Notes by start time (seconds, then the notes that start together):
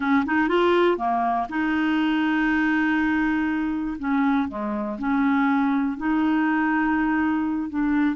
0.00 C#4
0.25 D#4
0.48 F4
0.97 A#3
1.49 D#4
3.98 C#4
4.48 G#3
4.98 C#4
5.97 D#4
7.69 D4